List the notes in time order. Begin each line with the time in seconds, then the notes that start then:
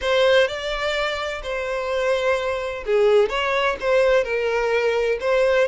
0.01 C5
0.47 D5
1.42 C5
2.86 G#4
3.29 C#5
3.80 C5
4.24 A#4
5.20 C5